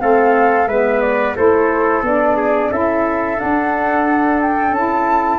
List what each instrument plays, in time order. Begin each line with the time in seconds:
0.00 tuba A3, saxophone C4, trumpet A4, flute F5
0.68 tuba G#3, saxophone B3, trumpet B4, flute E5
1.01 flute D5
1.36 tuba A3, saxophone E4, trumpet A4, flute C5
2.03 tuba B3, saxophone D4, flute D5
2.37 trumpet G#4
2.71 tuba C#4, saxophone E4, trumpet A4, flute E5
3.36 saxophone D4, flute F#5
3.43 tuba D4
4.42 flute G5
4.72 tuba C#4, saxophone E4, flute A5